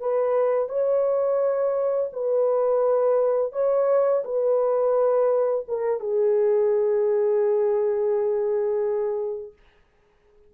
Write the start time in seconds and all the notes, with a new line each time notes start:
0.00 B4
0.69 C#5
2.13 B4
3.53 C#5
4.24 B4
5.68 A#4
6.00 G#4